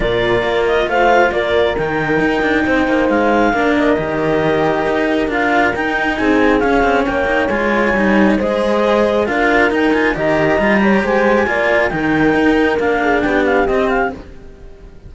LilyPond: <<
  \new Staff \with { instrumentName = "clarinet" } { \time 4/4 \tempo 4 = 136 d''4. dis''8 f''4 d''4 | g''2. f''4~ | f''8 dis''2.~ dis''8 | f''4 g''4 gis''4 f''4 |
g''4 gis''2 dis''4~ | dis''4 f''4 g''8 gis''8 ais''4~ | ais''4 gis''2 g''4~ | g''4 f''4 g''8 f''8 dis''8 f''8 | }
  \new Staff \with { instrumentName = "horn" } { \time 4/4 ais'2 c''4 ais'4~ | ais'2 c''2 | ais'1~ | ais'2 gis'2 |
cis''2. c''4~ | c''4 ais'2 dis''4~ | dis''8 cis''8 c''4 d''4 ais'4~ | ais'4. gis'8 g'2 | }
  \new Staff \with { instrumentName = "cello" } { \time 4/4 f'1 | dis'1 | d'4 g'2. | f'4 dis'2 cis'4~ |
cis'8 dis'8 f'4 dis'4 gis'4~ | gis'4 f'4 dis'8 f'8 g'4 | f'8 g'4. f'4 dis'4~ | dis'4 d'2 c'4 | }
  \new Staff \with { instrumentName = "cello" } { \time 4/4 ais,4 ais4 a4 ais4 | dis4 dis'8 d'8 c'8 ais8 gis4 | ais4 dis2 dis'4 | d'4 dis'4 c'4 cis'8 c'8 |
ais4 gis4 g4 gis4~ | gis4 d'4 dis'4 dis4 | g4 gis4 ais4 dis4 | dis'4 ais4 b4 c'4 | }
>>